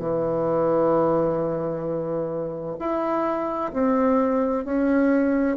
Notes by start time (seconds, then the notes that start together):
0.00 E3
2.80 E4
3.74 C4
4.65 C#4